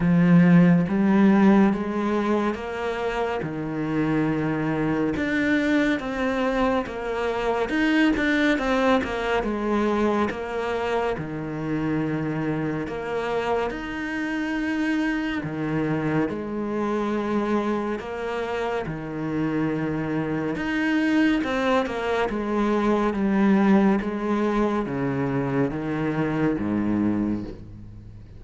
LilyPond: \new Staff \with { instrumentName = "cello" } { \time 4/4 \tempo 4 = 70 f4 g4 gis4 ais4 | dis2 d'4 c'4 | ais4 dis'8 d'8 c'8 ais8 gis4 | ais4 dis2 ais4 |
dis'2 dis4 gis4~ | gis4 ais4 dis2 | dis'4 c'8 ais8 gis4 g4 | gis4 cis4 dis4 gis,4 | }